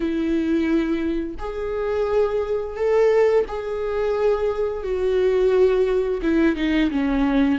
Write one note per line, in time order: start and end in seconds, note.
0.00 1.34 E4
1.38 2.76 G#4
2.76 3.45 A4
3.48 4.83 G#4
4.83 6.21 F#4
6.22 6.55 E4
6.55 6.90 D#4
6.90 7.59 C#4